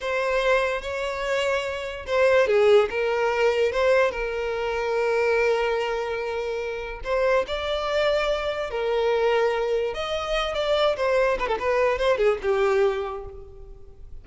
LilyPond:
\new Staff \with { instrumentName = "violin" } { \time 4/4 \tempo 4 = 145 c''2 cis''2~ | cis''4 c''4 gis'4 ais'4~ | ais'4 c''4 ais'2~ | ais'1~ |
ais'4 c''4 d''2~ | d''4 ais'2. | dis''4. d''4 c''4 b'16 a'16 | b'4 c''8 gis'8 g'2 | }